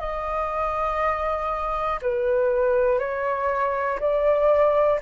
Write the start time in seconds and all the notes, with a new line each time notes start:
0.00 D#5
2.02 B4
3.00 C#5
4.00 D5